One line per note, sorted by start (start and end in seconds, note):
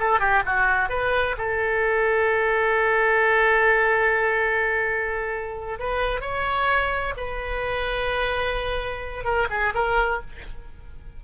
0.00 0.20 A4
0.20 0.43 G4
0.46 0.89 F#4
0.89 1.36 B4
1.38 5.79 A4
5.79 6.21 B4
6.21 7.14 C#5
7.17 9.24 B4
9.24 9.48 A#4
9.50 9.73 G#4
9.74 10.21 A#4